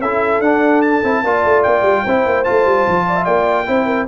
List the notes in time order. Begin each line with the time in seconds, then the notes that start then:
0.00 C#4 E4 A4 E5
0.40 D4 F#5
0.82 A5
1.04 C4 E4
1.24 A#3 F4 D5
1.45 A3
1.63 A#3 G5
1.82 G3
2.04 C4 E4 C5
2.26 A#3
2.44 A3 F4 A5
2.66 G3
2.88 F3
3.08 D5
3.16 E5
3.25 A#3 D5 G5
3.67 C4 E4 C5
3.86 A#4